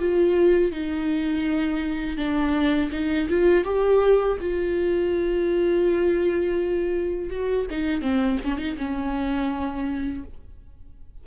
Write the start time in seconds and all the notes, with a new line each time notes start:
0.00 F4
0.72 D#4
2.18 D4
2.92 D#4
3.30 F4
3.65 G4
4.41 F4
7.30 F#4
7.71 D#4
8.02 C4
8.45 C#4
8.58 D#4
8.78 C#4